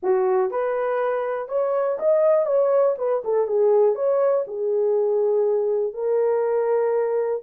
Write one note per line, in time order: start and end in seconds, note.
0.02 0.50 F#4
0.50 1.48 B4
1.48 1.97 C#5
1.99 2.45 D#5
2.45 2.95 C#5
2.98 3.22 B4
3.24 3.47 A4
3.47 3.95 G#4
3.95 4.44 C#5
4.47 5.93 G#4
5.93 7.42 A#4